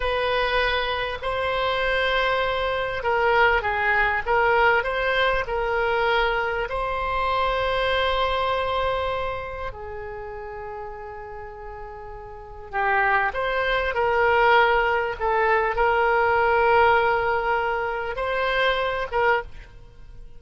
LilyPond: \new Staff \with { instrumentName = "oboe" } { \time 4/4 \tempo 4 = 99 b'2 c''2~ | c''4 ais'4 gis'4 ais'4 | c''4 ais'2 c''4~ | c''1 |
gis'1~ | gis'4 g'4 c''4 ais'4~ | ais'4 a'4 ais'2~ | ais'2 c''4. ais'8 | }